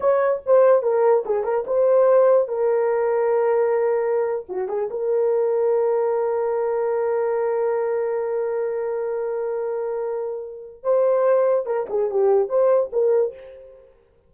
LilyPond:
\new Staff \with { instrumentName = "horn" } { \time 4/4 \tempo 4 = 144 cis''4 c''4 ais'4 gis'8 ais'8 | c''2 ais'2~ | ais'2~ ais'8. fis'8 gis'8 ais'16~ | ais'1~ |
ais'1~ | ais'1~ | ais'2 c''2 | ais'8 gis'8 g'4 c''4 ais'4 | }